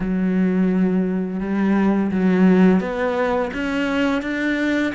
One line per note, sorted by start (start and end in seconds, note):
0.00 1.40 F#3
1.40 2.10 G3
2.11 2.80 F#3
2.80 3.51 B3
3.53 4.22 C#4
4.22 4.92 D4